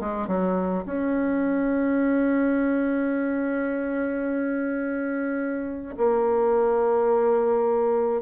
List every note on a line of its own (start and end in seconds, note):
0.00 0.27 G#3
0.27 0.84 F#3
0.86 5.95 C#4
5.97 8.21 A#3